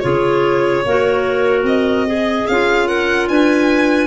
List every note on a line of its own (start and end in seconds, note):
0.00 0.85 C#3
0.00 0.84 F4
0.00 0.85 G#4
0.00 1.62 C#5
0.86 1.64 A#3
0.86 2.09 F#4
0.86 2.07 A#4
1.64 2.45 C4
1.64 2.47 D#5
2.08 2.87 G#4
2.08 2.49 G#4
2.47 3.29 C#4
2.47 4.07 F4
2.47 2.87 F5
2.87 3.28 A#4
2.87 3.28 F#5
3.28 4.07 D4
3.28 4.07 B4
3.28 4.07 G#5